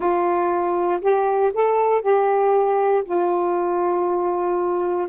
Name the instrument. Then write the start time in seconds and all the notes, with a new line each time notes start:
saxophone
0.00 F4
1.01 G4
1.53 A4
2.01 G4
3.05 F4